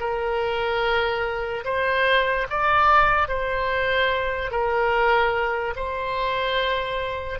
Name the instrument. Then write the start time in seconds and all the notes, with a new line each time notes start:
oboe
0.00 A#4
1.65 C5
2.50 D5
3.28 C5
4.51 A#4
5.76 C5